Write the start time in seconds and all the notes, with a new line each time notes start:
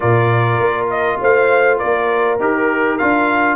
0.00 A#2 F4 A#4 D5
0.59 A#3
0.90 D#5
1.20 A3 C5 F5
1.78 A#3 A#4 D5
2.39 D#4 G4 A#4
2.98 D4 F4 F5